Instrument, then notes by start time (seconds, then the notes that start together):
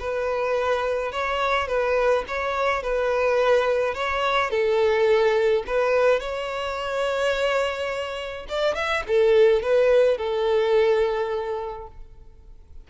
violin
0.00 B4
1.12 C#5
1.68 B4
2.28 C#5
2.83 B4
3.94 C#5
4.51 A4
5.67 B4
6.20 C#5
8.49 D5
8.75 E5
9.08 A4
9.63 B4
10.18 A4